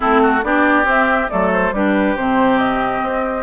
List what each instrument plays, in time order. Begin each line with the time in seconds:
0.00 bassoon A3, clarinet C4, oboe E4, flute A4
0.22 oboe F#4
0.43 bassoon B3, clarinet D4, oboe G4, flute D5
0.84 clarinet C4, bassoon C4, flute E5
1.28 bassoon F#3, clarinet A3, oboe A4, flute D5
1.52 flute C5
1.72 bassoon G3, clarinet D4, oboe G4, flute B4
2.16 bassoon C3, clarinet C4, flute C5
2.58 flute D#5
3.02 bassoon C4